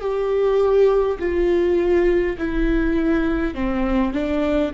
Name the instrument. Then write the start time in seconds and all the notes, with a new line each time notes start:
viola
0.00 G4
1.19 F4
2.37 E4
3.54 C4
4.13 D4